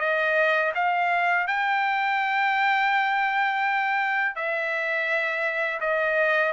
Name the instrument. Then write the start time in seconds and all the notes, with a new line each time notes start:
trumpet
0.00 D#5
0.75 F5
1.47 G5
4.35 E5
5.80 D#5